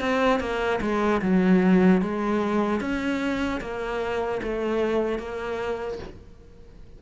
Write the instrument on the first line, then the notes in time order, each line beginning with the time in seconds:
cello
0.00 C4
0.40 A#3
0.81 G#3
1.21 F#3
2.02 G#3
2.80 C#4
3.61 A#3
4.43 A3
5.19 A#3